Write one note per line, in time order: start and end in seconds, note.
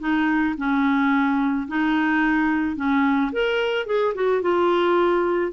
0.00 0.55 D#4
0.58 1.68 C#4
1.68 2.76 D#4
2.76 3.31 C#4
3.32 3.86 A#4
3.86 4.14 G#4
4.15 4.42 F#4
4.42 5.52 F4